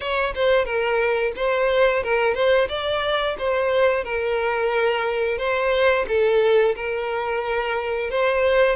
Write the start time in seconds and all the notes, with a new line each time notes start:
0.00 C#5
0.35 C5
0.65 A#4
1.36 C5
2.03 A#4
2.34 C5
2.68 D5
3.38 C5
4.04 A#4
5.38 C5
6.07 A4
6.75 A#4
8.10 C5